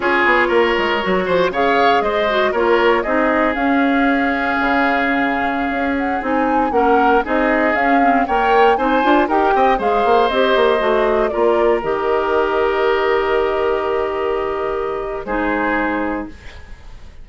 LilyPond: <<
  \new Staff \with { instrumentName = "flute" } { \time 4/4 \tempo 4 = 118 cis''2. f''4 | dis''4 cis''4 dis''4 f''4~ | f''2.~ f''8. fis''16~ | fis''16 gis''4 fis''4 dis''4 f''8.~ |
f''16 g''4 gis''4 g''4 f''8.~ | f''16 dis''2 d''4 dis''8.~ | dis''1~ | dis''2 c''2 | }
  \new Staff \with { instrumentName = "oboe" } { \time 4/4 gis'4 ais'4. c''8 cis''4 | c''4 ais'4 gis'2~ | gis'1~ | gis'4~ gis'16 ais'4 gis'4.~ gis'16~ |
gis'16 cis''4 c''4 ais'8 dis''8 c''8.~ | c''2~ c''16 ais'4.~ ais'16~ | ais'1~ | ais'2 gis'2 | }
  \new Staff \with { instrumentName = "clarinet" } { \time 4/4 f'2 fis'4 gis'4~ | gis'8 fis'8 f'4 dis'4 cis'4~ | cis'1~ | cis'16 dis'4 cis'4 dis'4 cis'8 c'16~ |
c'16 ais'4 dis'8 f'8 g'4 gis'8.~ | gis'16 g'4 fis'4 f'4 g'8.~ | g'1~ | g'2 dis'2 | }
  \new Staff \with { instrumentName = "bassoon" } { \time 4/4 cis'8 b8 ais8 gis8 fis8 f8 cis4 | gis4 ais4 c'4 cis'4~ | cis'4 cis2~ cis16 cis'8.~ | cis'16 c'4 ais4 c'4 cis'8.~ |
cis'16 ais4 c'8 d'8 dis'8 c'8 gis8 ais16~ | ais16 c'8 ais8 a4 ais4 dis8.~ | dis1~ | dis2 gis2 | }
>>